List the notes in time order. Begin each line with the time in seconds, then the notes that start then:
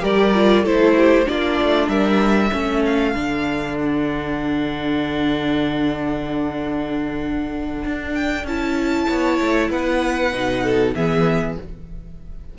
0.00 G3 G4 A#4 D5
0.34 F4
0.63 A3 E4 A4 C5
0.96 G4
1.25 A#3 D4 F4 D5
1.61 A3
1.88 G3 A#4 E5
2.52 A3 C#4 A4
2.85 F5
3.15 D3 D4
3.78 F#5
7.84 D4
8.14 G5
8.44 C#4 E4 A5
9.07 B3 C#5
9.41 A3
9.70 B3 B4 F#5
10.32 B2 D#4
10.63 A4
10.95 E3 B3 G#4 E5